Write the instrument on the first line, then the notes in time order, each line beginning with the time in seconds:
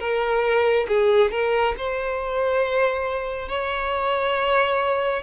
violin
0.00 A#4
0.88 G#4
1.32 A#4
1.78 C5
3.49 C#5